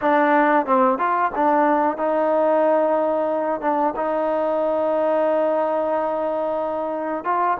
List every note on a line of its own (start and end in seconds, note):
0.01 0.66 D4
0.66 0.98 C4
0.98 1.31 F4
1.35 1.97 D4
1.97 3.61 D#4
3.61 3.94 D4
3.96 7.24 D#4
7.24 7.57 F4